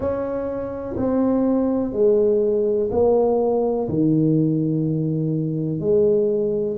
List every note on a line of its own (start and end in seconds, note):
0.00 0.95 C#4
0.97 1.93 C4
1.93 2.89 G#3
2.91 3.88 A#3
3.88 5.80 D#3
5.80 6.77 G#3